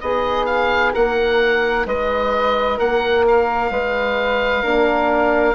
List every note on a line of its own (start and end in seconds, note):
0.00 0.93 B3
0.00 4.62 D#4
0.00 0.93 G#4
0.00 0.45 D#5
0.45 0.92 F5
0.93 1.86 A#3
0.93 1.85 A#4
0.93 1.86 F#5
1.86 2.78 G#3
1.86 2.77 B4
1.86 2.78 D#5
2.77 3.70 A#3
2.77 3.69 A#4
2.77 3.25 F#5
3.27 5.54 F5
3.70 4.62 G#3
3.70 4.62 B4
4.62 5.54 A#3
4.62 5.54 D4
4.62 5.54 A#4